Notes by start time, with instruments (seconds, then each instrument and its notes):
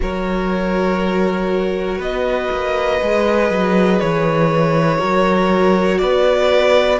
0.00 cello F#3, viola F#4, violin A#4 C#5
1.97 cello B3, violin B4 D#5
2.51 cello A#3
3.00 cello G#3, viola G#4
3.50 cello F#3
4.00 cello E3, violin C#5
4.98 cello F#3, viola F#4, violin A#4
5.98 cello B3, violin B4 D5